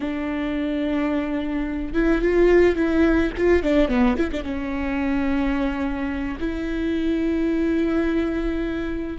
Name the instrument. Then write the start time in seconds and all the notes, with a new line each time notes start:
viola
0.00 D4
1.93 E4
2.21 F4
2.75 E4
3.37 F4
3.62 D4
3.88 B3
4.16 E4
4.31 D4
4.43 C#4
6.39 E4